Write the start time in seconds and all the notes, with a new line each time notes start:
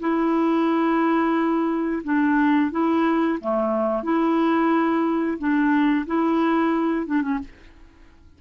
0.00 E4
2.03 D4
2.71 E4
3.40 A3
4.03 E4
5.38 D4
6.06 E4
7.06 D4
7.22 C#4